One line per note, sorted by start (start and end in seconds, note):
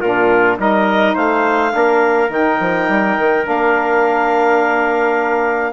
0.00 0.59 A#2
0.00 0.59 D4
0.00 0.58 F4
0.00 0.57 A#4
0.59 1.16 G3
0.59 1.71 D#4
0.59 1.14 A#4
0.59 1.16 D#5
1.14 1.73 A3
1.14 1.72 C5
1.14 2.31 F5
1.71 2.29 A#3
1.71 2.28 D4
1.71 5.73 A#4
2.29 2.58 D#3
2.29 3.43 D#4
2.29 3.47 G5
2.60 2.89 F3
2.89 3.17 G3
3.18 3.47 D#3
3.43 5.73 A#3
3.43 5.72 D4
3.43 5.73 F5